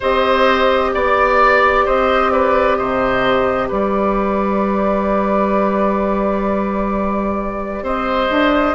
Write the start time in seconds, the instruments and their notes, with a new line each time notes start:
0.00 bassoon C4, clarinet G4, oboe C5, flute D#5
0.94 bassoon B3, flute D5, oboe D5
1.85 bassoon C4, oboe C5, flute D#5
2.32 oboe B4, flute D5
2.75 bassoon C3, oboe C5, flute D#5
3.68 bassoon G3, oboe B4, flute D5
7.82 bassoon C4, oboe C5, flute D#5
8.30 bassoon D4